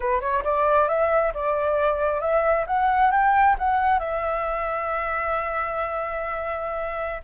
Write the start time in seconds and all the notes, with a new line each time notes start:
0.00 B4
0.20 C#5
0.43 D5
0.88 E5
1.33 D5
2.20 E5
2.67 F#5
3.11 G5
3.58 F#5
3.99 E5